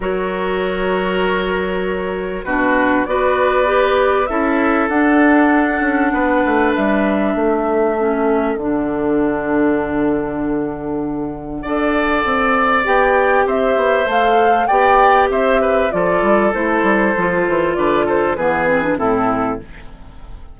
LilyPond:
<<
  \new Staff \with { instrumentName = "flute" } { \time 4/4 \tempo 4 = 98 cis''1 | b'4 d''2 e''4 | fis''2. e''4~ | e''2 fis''2~ |
fis''1~ | fis''4 g''4 e''4 f''4 | g''4 e''4 d''4 c''4~ | c''4 d''8 c''8 b'4 a'4 | }
  \new Staff \with { instrumentName = "oboe" } { \time 4/4 ais'1 | fis'4 b'2 a'4~ | a'2 b'2 | a'1~ |
a'2. d''4~ | d''2 c''2 | d''4 c''8 b'8 a'2~ | a'4 b'8 a'8 gis'4 e'4 | }
  \new Staff \with { instrumentName = "clarinet" } { \time 4/4 fis'1 | d'4 fis'4 g'4 e'4 | d'1~ | d'4 cis'4 d'2~ |
d'2. a'4~ | a'4 g'2 a'4 | g'2 f'4 e'4 | f'2 b8 c'16 d'16 c'4 | }
  \new Staff \with { instrumentName = "bassoon" } { \time 4/4 fis1 | b,4 b2 cis'4 | d'4. cis'8 b8 a8 g4 | a2 d2~ |
d2. d'4 | c'4 b4 c'8 b8 a4 | b4 c'4 f8 g8 a8 g8 | f8 e8 d4 e4 a,4 | }
>>